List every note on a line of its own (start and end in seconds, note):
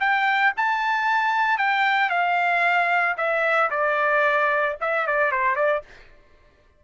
0.00 0.53 G5
0.57 1.58 A5
1.58 2.10 G5
2.10 3.16 F5
3.17 3.70 E5
3.70 4.77 D5
4.81 5.07 E5
5.07 5.32 D5
5.32 5.56 C5
5.56 5.82 D5